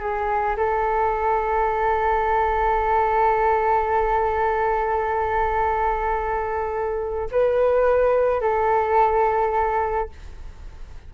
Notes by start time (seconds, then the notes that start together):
0.00 G#4
0.57 A4
7.32 B4
8.41 A4